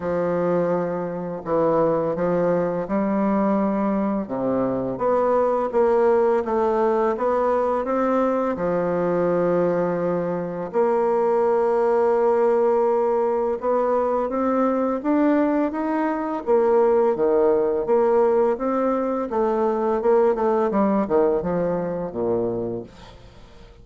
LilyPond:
\new Staff \with { instrumentName = "bassoon" } { \time 4/4 \tempo 4 = 84 f2 e4 f4 | g2 c4 b4 | ais4 a4 b4 c'4 | f2. ais4~ |
ais2. b4 | c'4 d'4 dis'4 ais4 | dis4 ais4 c'4 a4 | ais8 a8 g8 dis8 f4 ais,4 | }